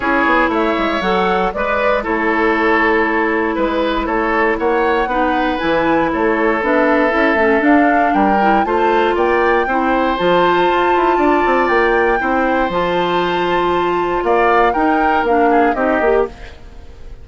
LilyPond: <<
  \new Staff \with { instrumentName = "flute" } { \time 4/4 \tempo 4 = 118 cis''4 e''4 fis''4 d''4 | cis''2. b'4 | cis''4 fis''2 gis''4 | cis''4 e''2 f''4 |
g''4 a''4 g''2 | a''2. g''4~ | g''4 a''2. | f''4 g''4 f''4 dis''4 | }
  \new Staff \with { instrumentName = "oboe" } { \time 4/4 gis'4 cis''2 b'4 | a'2. b'4 | a'4 cis''4 b'2 | a'1 |
ais'4 c''4 d''4 c''4~ | c''2 d''2 | c''1 | d''4 ais'4. gis'8 g'4 | }
  \new Staff \with { instrumentName = "clarinet" } { \time 4/4 e'2 a'4 b'4 | e'1~ | e'2 dis'4 e'4~ | e'4 d'4 e'8 cis'8 d'4~ |
d'8 e'8 f'2 e'4 | f'1 | e'4 f'2.~ | f'4 dis'4 d'4 dis'8 g'8 | }
  \new Staff \with { instrumentName = "bassoon" } { \time 4/4 cis'8 b8 a8 gis8 fis4 gis4 | a2. gis4 | a4 ais4 b4 e4 | a4 b4 cis'8 a8 d'4 |
g4 a4 ais4 c'4 | f4 f'8 e'8 d'8 c'8 ais4 | c'4 f2. | ais4 dis'4 ais4 c'8 ais8 | }
>>